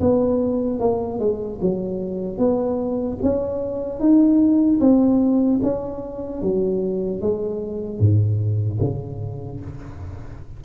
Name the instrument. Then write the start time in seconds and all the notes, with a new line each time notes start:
tuba
0.00 B3
0.79 A#3
1.19 G#3
1.61 F#3
2.37 B3
3.22 C#4
3.99 D#4
4.80 C4
5.63 C#4
6.41 F#3
7.21 G#3
7.99 G#2
8.80 C#3